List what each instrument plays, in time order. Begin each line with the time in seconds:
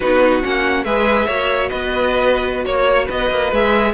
0.00 cello B3, viola D#4, violin F#4 B4
0.42 cello A#3, viola C#4, violin F#5
0.84 cello G#3, viola G#4, violin B4 E5
1.26 cello A#3, viola F#4, violin C#5
1.69 cello B3, violin B4 D#5
2.65 cello A#3, violin C#5
3.05 cello B3, violin B4 D#5
3.30 cello A#3
3.52 cello G#3, viola G#4, violin E5